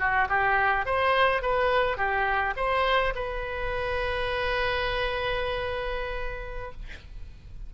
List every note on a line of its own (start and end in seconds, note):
0.00 0.29 F#4
0.29 0.86 G4
0.86 1.43 C5
1.43 1.97 B4
1.97 2.55 G4
2.57 3.14 C5
3.16 6.73 B4